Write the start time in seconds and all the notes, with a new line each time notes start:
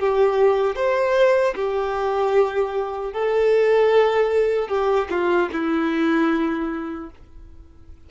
0.00 G4
0.76 C5
1.55 G4
3.13 A4
4.69 G4
5.10 F4
5.53 E4